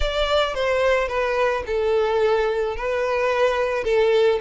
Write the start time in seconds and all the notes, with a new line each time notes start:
0.00 D5
0.54 C5
1.08 B4
1.66 A4
2.76 B4
3.84 A4